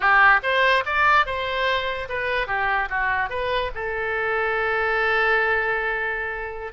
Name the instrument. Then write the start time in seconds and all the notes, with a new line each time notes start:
oboe
0.00 G4
0.42 C5
0.85 D5
1.25 C5
2.08 B4
2.47 G4
2.89 F#4
3.29 B4
3.74 A4